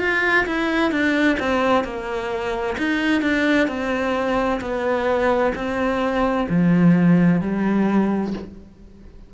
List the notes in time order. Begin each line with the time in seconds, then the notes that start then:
0.00 F4
0.47 E4
0.91 D4
1.40 C4
1.85 A#3
2.78 D#4
3.22 D4
3.68 C4
4.61 B3
5.56 C4
6.49 F3
7.41 G3